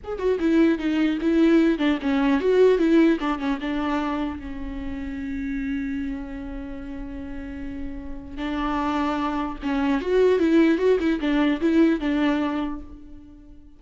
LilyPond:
\new Staff \with { instrumentName = "viola" } { \time 4/4 \tempo 4 = 150 gis'8 fis'8 e'4 dis'4 e'4~ | e'8 d'8 cis'4 fis'4 e'4 | d'8 cis'8 d'2 cis'4~ | cis'1~ |
cis'1~ | cis'4 d'2. | cis'4 fis'4 e'4 fis'8 e'8 | d'4 e'4 d'2 | }